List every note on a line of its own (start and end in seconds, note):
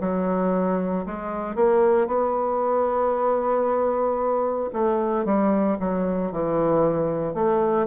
0.00 1.05 F#3
1.06 1.56 G#3
1.56 2.07 A#3
2.07 4.70 B3
4.73 5.25 A3
5.25 5.78 G3
5.79 6.32 F#3
6.32 7.34 E3
7.34 7.87 A3